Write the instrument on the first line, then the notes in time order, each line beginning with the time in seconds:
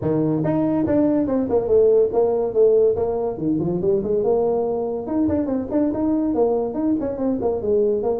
tuba
0.01 D#3
0.43 D#4
0.86 D4
1.27 C4
1.49 A#3
1.67 A3
2.12 A#3
2.53 A3
2.96 A#3
3.37 D#3
3.59 F3
3.81 G3
4.03 G#3
4.23 A#3
5.06 D#4
5.28 D4
5.46 C4
5.70 D4
5.93 D#4
6.34 A#3
6.74 D#4
7.00 C#4
7.17 C4
7.41 A#3
7.61 G#3
8.02 A#3